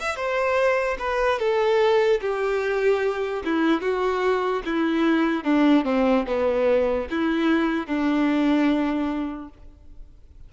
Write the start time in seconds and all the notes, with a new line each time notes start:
0.00 E5
0.16 C5
0.99 B4
1.40 A4
2.21 G4
3.45 E4
3.81 F#4
4.65 E4
5.44 D4
5.85 C4
6.27 B3
7.11 E4
7.87 D4